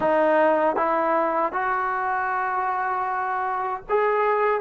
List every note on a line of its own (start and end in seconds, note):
0.00 0.76 D#4
0.76 1.52 E4
1.52 3.83 F#4
3.88 4.60 G#4